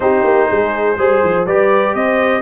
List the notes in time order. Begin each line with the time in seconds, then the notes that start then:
0.00 C4 D#4 G4 C5
0.24 A#3
0.49 G#3 G#4
0.97 G3 G#4 C5
1.23 F3
1.46 G3 G4 B4 D5
1.94 C4 C5 D#5